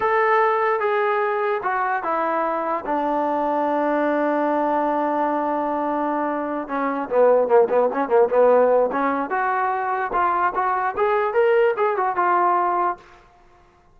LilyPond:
\new Staff \with { instrumentName = "trombone" } { \time 4/4 \tempo 4 = 148 a'2 gis'2 | fis'4 e'2 d'4~ | d'1~ | d'1~ |
d'8 cis'4 b4 ais8 b8 cis'8 | ais8 b4. cis'4 fis'4~ | fis'4 f'4 fis'4 gis'4 | ais'4 gis'8 fis'8 f'2 | }